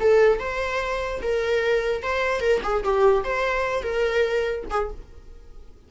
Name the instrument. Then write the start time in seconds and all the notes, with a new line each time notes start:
viola
0.00 A4
0.40 C5
1.22 A#4
2.03 C5
2.41 A#4
2.63 G#4
2.84 G4
3.24 C5
3.83 A#4
4.71 G#4